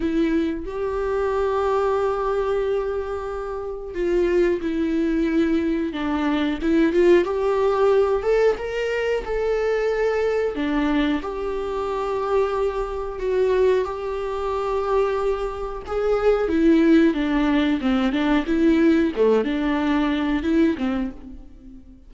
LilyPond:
\new Staff \with { instrumentName = "viola" } { \time 4/4 \tempo 4 = 91 e'4 g'2.~ | g'2 f'4 e'4~ | e'4 d'4 e'8 f'8 g'4~ | g'8 a'8 ais'4 a'2 |
d'4 g'2. | fis'4 g'2. | gis'4 e'4 d'4 c'8 d'8 | e'4 a8 d'4. e'8 c'8 | }